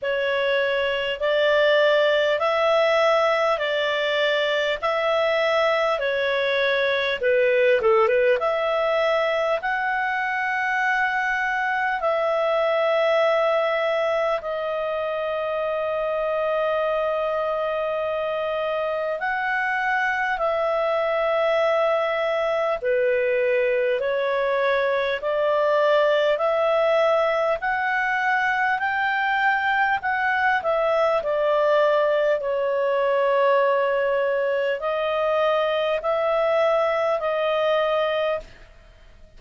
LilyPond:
\new Staff \with { instrumentName = "clarinet" } { \time 4/4 \tempo 4 = 50 cis''4 d''4 e''4 d''4 | e''4 cis''4 b'8 a'16 b'16 e''4 | fis''2 e''2 | dis''1 |
fis''4 e''2 b'4 | cis''4 d''4 e''4 fis''4 | g''4 fis''8 e''8 d''4 cis''4~ | cis''4 dis''4 e''4 dis''4 | }